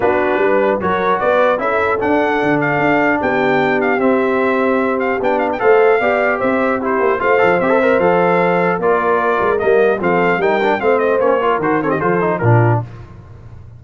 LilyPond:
<<
  \new Staff \with { instrumentName = "trumpet" } { \time 4/4 \tempo 4 = 150 b'2 cis''4 d''4 | e''4 fis''4. f''4. | g''4. f''8 e''2~ | e''8 f''8 g''8 f''16 g''16 f''2 |
e''4 c''4 f''4 e''4 | f''2 d''2 | dis''4 f''4 g''4 f''8 dis''8 | cis''4 c''8 cis''16 dis''16 c''4 ais'4 | }
  \new Staff \with { instrumentName = "horn" } { \time 4/4 fis'4 b'4 ais'4 b'4 | a'1 | g'1~ | g'2 c''4 d''4 |
c''4 g'4 c''2~ | c''2 ais'2~ | ais'4 a'4 ais'4 c''4~ | c''8 ais'4 a'16 g'16 a'4 f'4 | }
  \new Staff \with { instrumentName = "trombone" } { \time 4/4 d'2 fis'2 | e'4 d'2.~ | d'2 c'2~ | c'4 d'4 a'4 g'4~ |
g'4 e'4 f'8 a'8 g'16 a'16 ais'8 | a'2 f'2 | ais4 c'4 dis'8 d'8 c'4 | cis'8 f'8 fis'8 c'8 f'8 dis'8 d'4 | }
  \new Staff \with { instrumentName = "tuba" } { \time 4/4 b4 g4 fis4 b4 | cis'4 d'4 d4 d'4 | b2 c'2~ | c'4 b4 a4 b4 |
c'4. ais8 a8 f8 c'4 | f2 ais4. gis8 | g4 f4 g4 a4 | ais4 dis4 f4 ais,4 | }
>>